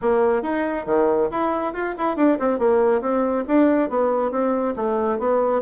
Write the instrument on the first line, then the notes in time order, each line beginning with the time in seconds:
bassoon
0.01 A#3
0.42 D#4
0.86 D#3
1.30 E4
1.73 F4
1.97 E4
2.16 D4
2.39 C4
2.59 A#3
3.01 C4
3.47 D4
3.89 B3
4.31 C4
4.76 A3
5.19 B3